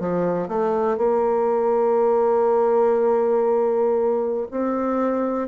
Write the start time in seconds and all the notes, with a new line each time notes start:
0.00 F3
0.48 A3
0.97 A#3
4.51 C4